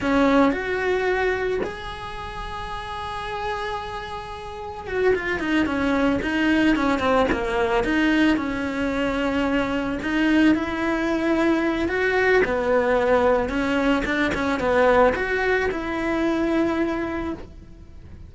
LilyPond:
\new Staff \with { instrumentName = "cello" } { \time 4/4 \tempo 4 = 111 cis'4 fis'2 gis'4~ | gis'1~ | gis'4 fis'8 f'8 dis'8 cis'4 dis'8~ | dis'8 cis'8 c'8 ais4 dis'4 cis'8~ |
cis'2~ cis'8 dis'4 e'8~ | e'2 fis'4 b4~ | b4 cis'4 d'8 cis'8 b4 | fis'4 e'2. | }